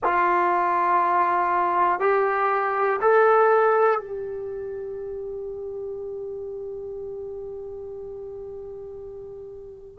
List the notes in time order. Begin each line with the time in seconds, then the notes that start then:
0.03 F4
2.00 G4
3.00 A4
4.00 G4